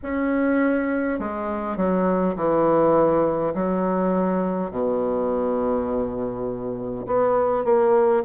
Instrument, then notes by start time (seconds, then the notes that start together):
bassoon
0.03 C#4
1.19 G#3
1.76 F#3
2.35 E3
3.54 F#3
4.71 B2
7.06 B3
7.64 A#3